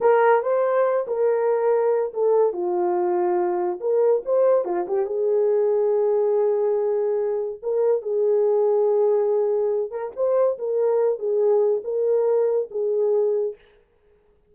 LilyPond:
\new Staff \with { instrumentName = "horn" } { \time 4/4 \tempo 4 = 142 ais'4 c''4. ais'4.~ | ais'4 a'4 f'2~ | f'4 ais'4 c''4 f'8 g'8 | gis'1~ |
gis'2 ais'4 gis'4~ | gis'2.~ gis'8 ais'8 | c''4 ais'4. gis'4. | ais'2 gis'2 | }